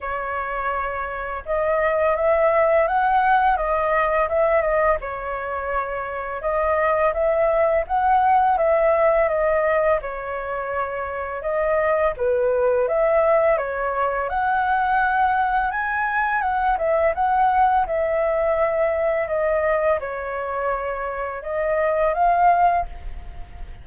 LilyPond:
\new Staff \with { instrumentName = "flute" } { \time 4/4 \tempo 4 = 84 cis''2 dis''4 e''4 | fis''4 dis''4 e''8 dis''8 cis''4~ | cis''4 dis''4 e''4 fis''4 | e''4 dis''4 cis''2 |
dis''4 b'4 e''4 cis''4 | fis''2 gis''4 fis''8 e''8 | fis''4 e''2 dis''4 | cis''2 dis''4 f''4 | }